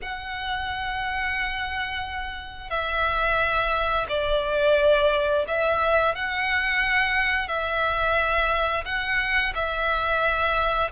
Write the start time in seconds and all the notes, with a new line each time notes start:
0.02 F#5
2.70 E5
4.08 D5
5.47 E5
6.15 F#5
7.48 E5
8.85 F#5
9.55 E5